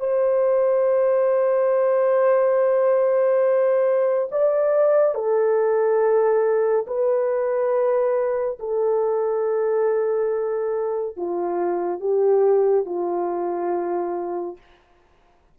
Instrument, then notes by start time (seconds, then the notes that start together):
horn
0.00 C5
4.31 D5
5.15 A4
6.87 B4
8.59 A4
11.17 F4
12.00 G4
12.85 F4